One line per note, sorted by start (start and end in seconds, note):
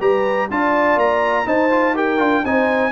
0.00 0.49 G3
0.00 0.49 G4
0.00 0.49 B4
0.00 0.49 A#5
0.50 0.96 D4
0.50 1.45 F4
0.50 1.46 D5
0.50 0.99 A5
0.96 1.45 A#3
0.96 1.47 A#5
1.45 1.69 D#4
1.45 2.19 D#4
1.45 1.94 C5
1.45 1.96 A5
1.70 1.94 F4
1.94 2.18 G4
1.94 2.43 A#4
1.94 2.45 G5
2.18 2.43 D4
2.18 2.42 F4
2.44 2.91 C4
2.44 2.91 D#4
2.44 2.91 C5
2.44 2.91 G#5